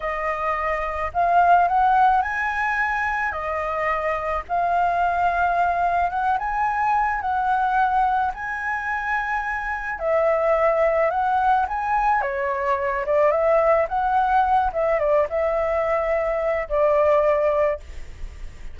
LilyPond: \new Staff \with { instrumentName = "flute" } { \time 4/4 \tempo 4 = 108 dis''2 f''4 fis''4 | gis''2 dis''2 | f''2. fis''8 gis''8~ | gis''4 fis''2 gis''4~ |
gis''2 e''2 | fis''4 gis''4 cis''4. d''8 | e''4 fis''4. e''8 d''8 e''8~ | e''2 d''2 | }